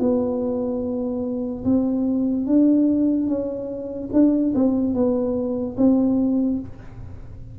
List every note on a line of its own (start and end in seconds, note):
0.00 1.64 B3
1.65 2.47 C4
2.47 3.28 D4
3.28 4.10 C#4
4.13 4.54 D4
4.55 4.95 C4
4.95 5.77 B3
5.78 6.60 C4